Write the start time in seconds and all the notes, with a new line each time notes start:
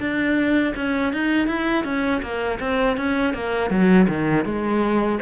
0.00 D4
0.76 C#4
1.13 D#4
1.47 E4
1.85 C#4
2.23 A#3
2.60 C4
2.97 C#4
3.34 A#3
3.70 F#3
4.08 D#3
4.45 G#3